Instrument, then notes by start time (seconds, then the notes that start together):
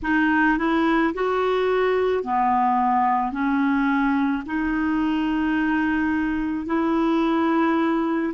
clarinet
0.02 D#4
0.58 E4
1.14 F#4
2.23 B3
3.32 C#4
4.45 D#4
6.66 E4